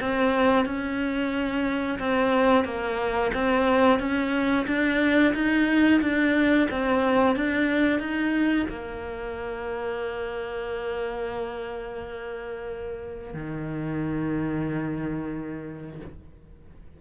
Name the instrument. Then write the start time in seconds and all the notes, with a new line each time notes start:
cello
0.00 C4
0.65 C#4
1.99 C4
2.65 A#3
3.34 C4
3.99 C#4
4.67 D4
5.34 D#4
6.01 D4
6.71 C4
7.36 D4
7.99 D#4
8.69 A#3
13.34 D#3